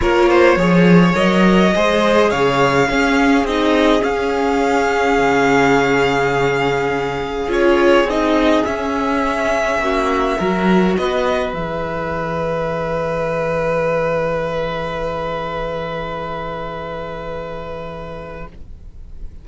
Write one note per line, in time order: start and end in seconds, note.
0.01 0.56 A#3
0.01 0.58 F4
0.01 0.29 A#4
0.01 1.15 C#5
0.29 0.58 C5
0.56 1.14 F3
0.56 1.14 G#4
0.56 1.74 C#5
1.14 1.73 F#3
1.14 1.72 A#4
1.14 2.30 D#5
1.74 2.32 G#3
1.74 2.88 G#4
1.74 2.30 C5
2.30 2.88 C#3
2.30 2.88 C#5
2.30 3.46 F5
2.88 3.43 C#4
2.88 3.46 C#4
2.88 9.82 G#4
3.43 4.01 C4
3.43 4.00 D#4
3.43 4.03 D#5
4.00 7.46 C#4
4.00 5.18 C#4
4.00 7.49 F5
5.18 7.47 C#3
7.47 8.04 C#4
7.47 8.05 F4
7.47 8.10 C#5
8.04 8.62 C4
8.04 8.66 D#4
8.04 8.65 D#5
8.65 10.39 C#4
8.65 9.78 C#4
8.65 10.96 E5
9.78 10.36 A#3
9.78 10.38 F#4
10.38 10.97 F#3
10.38 11.53 F#4
10.38 10.95 A#4
10.97 11.53 B3
10.97 18.48 B4
10.97 11.54 D#5
11.53 18.45 E3
11.53 18.45 G#4
11.53 18.46 E5